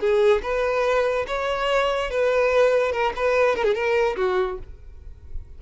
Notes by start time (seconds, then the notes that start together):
0.00 G#4
0.42 B4
1.27 C#5
2.11 B4
2.92 A#4
3.16 B4
3.56 A#4
3.64 G#4
3.74 A#4
4.16 F#4